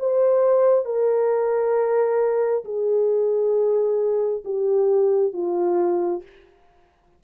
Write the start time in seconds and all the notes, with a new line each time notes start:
0.00 C5
0.86 A#4
2.65 G#4
4.45 G4
5.34 F4